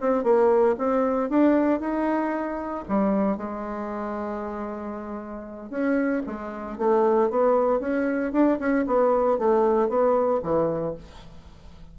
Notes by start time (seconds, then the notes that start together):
0.00 C4
0.23 A#3
0.78 C4
1.29 D4
1.80 D#4
2.88 G3
3.37 G#3
5.70 C#4
6.26 G#3
6.78 A3
7.30 B3
7.80 C#4
8.32 D4
8.59 C#4
8.87 B3
9.38 A3
9.88 B3
10.43 E3